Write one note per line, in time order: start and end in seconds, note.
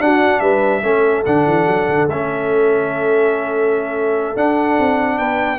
0.00 0.83 D4
0.00 0.41 D4
0.00 0.42 F#4
0.00 0.40 F#5
0.40 0.82 G3
0.40 0.83 B4
0.40 1.23 E5
0.83 1.24 A3
0.83 1.25 C#4
0.83 5.19 A4
1.26 1.46 D3
1.26 2.09 D4
1.26 2.08 F#5
1.46 1.67 E3
1.67 1.88 F#3
1.88 2.08 D3
2.08 4.35 A3
2.08 4.36 C#4
2.08 4.37 E5
4.36 5.59 D4
4.36 4.78 D4
4.36 5.19 F#5
4.79 5.19 C4
5.19 5.59 B3
5.19 5.59 B4
5.19 5.59 G5